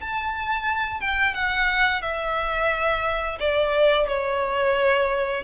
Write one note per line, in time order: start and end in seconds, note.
0.00 1.00 A5
1.00 1.34 G5
1.34 2.02 F#5
2.02 3.38 E5
3.40 4.08 D5
4.08 5.44 C#5